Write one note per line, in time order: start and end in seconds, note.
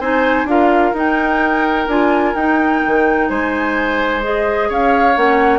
0.00 0.45 C4
0.00 0.47 D#4
0.00 0.47 C5
0.00 0.48 G#5
0.45 0.92 D4
0.45 0.94 F4
0.45 3.29 A#4
0.45 0.95 F5
0.93 1.87 D#4
0.93 1.88 D#4
0.93 1.89 G5
1.87 2.34 D4
1.87 2.36 F4
1.87 2.35 G#5
2.35 2.81 D#4
2.35 4.22 D#4
2.35 3.28 G5
2.86 3.30 D#3
3.28 4.69 G#3
3.28 4.69 C5
3.28 4.22 G#5
4.22 5.15 G#4
4.22 4.70 D#5
4.69 5.16 C#4
4.69 5.59 C#5
4.69 5.17 F5
5.15 5.59 A#3
5.15 5.59 C#4
5.15 5.59 F#5